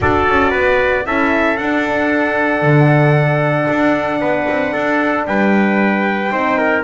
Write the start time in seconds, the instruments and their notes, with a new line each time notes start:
0.00 double bass D4, horn F#4, trumpet A4 D5
0.28 double bass C#4
0.50 double bass B3, trumpet B4
1.05 double bass C#4, horn E4, trumpet A4 E5
1.57 double bass D4, horn D4, trumpet F#5
2.62 double bass D3
3.69 double bass D4
4.20 double bass B3, trumpet B4
4.48 double bass C4
4.72 double bass D4, trumpet A4
5.26 double bass G3, trumpet B4 G5
6.30 double bass C4, horn D#4, trumpet C5
6.58 trumpet A#4